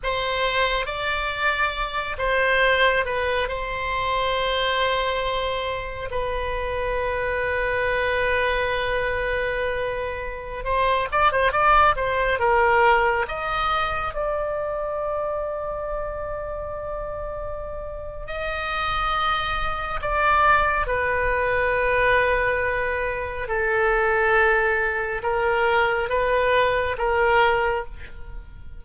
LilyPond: \new Staff \with { instrumentName = "oboe" } { \time 4/4 \tempo 4 = 69 c''4 d''4. c''4 b'8 | c''2. b'4~ | b'1~ | b'16 c''8 d''16 c''16 d''8 c''8 ais'4 dis''8.~ |
dis''16 d''2.~ d''8.~ | d''4 dis''2 d''4 | b'2. a'4~ | a'4 ais'4 b'4 ais'4 | }